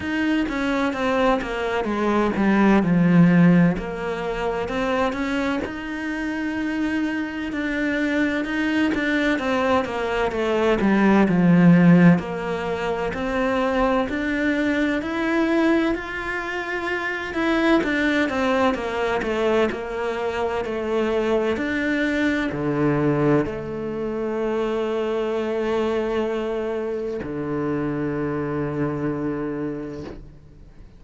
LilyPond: \new Staff \with { instrumentName = "cello" } { \time 4/4 \tempo 4 = 64 dis'8 cis'8 c'8 ais8 gis8 g8 f4 | ais4 c'8 cis'8 dis'2 | d'4 dis'8 d'8 c'8 ais8 a8 g8 | f4 ais4 c'4 d'4 |
e'4 f'4. e'8 d'8 c'8 | ais8 a8 ais4 a4 d'4 | d4 a2.~ | a4 d2. | }